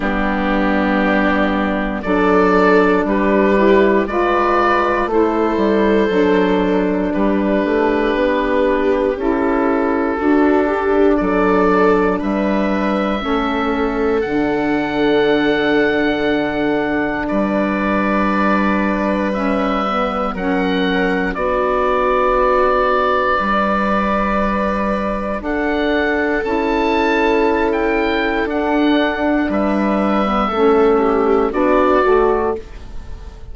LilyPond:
<<
  \new Staff \with { instrumentName = "oboe" } { \time 4/4 \tempo 4 = 59 g'2 d''4 b'4 | d''4 c''2 b'4~ | b'4 a'2 d''4 | e''2 fis''2~ |
fis''4 d''2 e''4 | fis''4 d''2.~ | d''4 fis''4 a''4~ a''16 g''8. | fis''4 e''2 d''4 | }
  \new Staff \with { instrumentName = "viola" } { \time 4/4 d'2 a'4 g'4 | b'4 a'2 g'4~ | g'2 fis'8 g'8 a'4 | b'4 a'2.~ |
a'4 b'2. | ais'4 fis'2 b'4~ | b'4 a'2.~ | a'4 b'4 a'8 g'8 fis'4 | }
  \new Staff \with { instrumentName = "saxophone" } { \time 4/4 b2 d'4. e'8 | f'4 e'4 d'2~ | d'4 e'4 d'2~ | d'4 cis'4 d'2~ |
d'2. cis'8 b8 | cis'4 d'2.~ | d'2 e'2 | d'4.~ d'16 b16 cis'4 d'8 fis'8 | }
  \new Staff \with { instrumentName = "bassoon" } { \time 4/4 g2 fis4 g4 | gis4 a8 g8 fis4 g8 a8 | b4 cis'4 d'4 fis4 | g4 a4 d2~ |
d4 g2. | fis4 b2 g4~ | g4 d'4 cis'2 | d'4 g4 a4 b8 a8 | }
>>